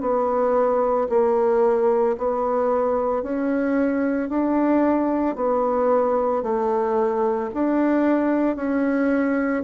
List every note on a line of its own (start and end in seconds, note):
0.00 1.07 B3
1.09 2.16 A#3
2.17 3.22 B3
3.22 4.29 C#4
4.29 5.35 D4
5.35 6.42 B3
6.42 7.50 A3
7.54 8.56 D4
8.56 9.63 C#4